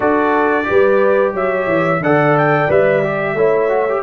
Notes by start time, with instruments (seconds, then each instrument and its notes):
0.00 tuba D4, trombone F#4, horn A4, trumpet D5
0.64 trombone G4, horn B4
0.70 tuba G3
1.33 tuba F#3, horn C#5, trumpet E5
1.66 tuba E3
2.00 tuba D3, trombone A4, horn D5, trumpet F#5
2.38 trumpet G5
2.68 tuba G3, trombone B4, trumpet E5
3.03 trombone G4
3.33 tuba A3, trombone E4, horn C#5
3.69 trombone F#4
3.88 trombone G4